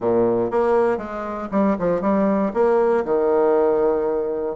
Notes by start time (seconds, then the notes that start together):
0.00 A#2
0.50 A#3
0.97 G#3
1.51 G3
1.78 F3
2.01 G3
2.53 A#3
3.05 D#3